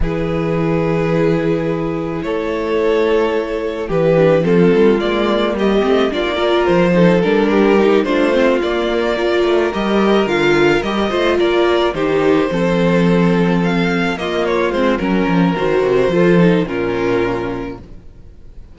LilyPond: <<
  \new Staff \with { instrumentName = "violin" } { \time 4/4 \tempo 4 = 108 b'1 | cis''2. b'4 | a'4 d''4 dis''4 d''4 | c''4 ais'4. c''4 d''8~ |
d''4. dis''4 f''4 dis''8~ | dis''8 d''4 c''2~ c''8~ | c''8 f''4 dis''8 cis''8 c''8 ais'4 | c''2 ais'2 | }
  \new Staff \with { instrumentName = "violin" } { \time 4/4 gis'1 | a'2. g'4 | f'2 g'4 f'8 ais'8~ | ais'8 a'4 g'4 f'4.~ |
f'8 ais'2.~ ais'8 | c''8 ais'4 g'4 a'4.~ | a'4. f'4. ais'4~ | ais'4 a'4 f'2 | }
  \new Staff \with { instrumentName = "viola" } { \time 4/4 e'1~ | e'2.~ e'8 d'8 | c'4 ais4. c'8 d'16 dis'16 f'8~ | f'8 dis'8 d'4 dis'8 d'8 c'8 ais8~ |
ais8 f'4 g'4 f'4 g'8 | f'4. dis'4 c'4.~ | c'4. ais4 c'8 cis'4 | fis'4 f'8 dis'8 cis'2 | }
  \new Staff \with { instrumentName = "cello" } { \time 4/4 e1 | a2. e4 | f8 g8 gis4 g8 a8 ais4 | f4 g4. a4 ais8~ |
ais4 a8 g4 d4 g8 | a8 ais4 dis4 f4.~ | f4. ais4 gis8 fis8 f8 | dis8 c8 f4 ais,2 | }
>>